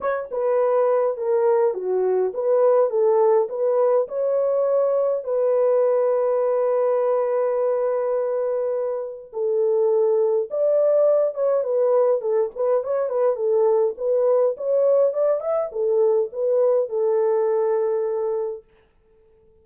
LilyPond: \new Staff \with { instrumentName = "horn" } { \time 4/4 \tempo 4 = 103 cis''8 b'4. ais'4 fis'4 | b'4 a'4 b'4 cis''4~ | cis''4 b'2.~ | b'1 |
a'2 d''4. cis''8 | b'4 a'8 b'8 cis''8 b'8 a'4 | b'4 cis''4 d''8 e''8 a'4 | b'4 a'2. | }